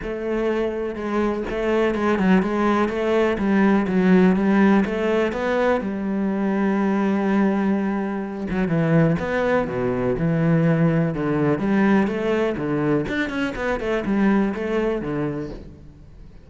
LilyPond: \new Staff \with { instrumentName = "cello" } { \time 4/4 \tempo 4 = 124 a2 gis4 a4 | gis8 fis8 gis4 a4 g4 | fis4 g4 a4 b4 | g1~ |
g4. fis8 e4 b4 | b,4 e2 d4 | g4 a4 d4 d'8 cis'8 | b8 a8 g4 a4 d4 | }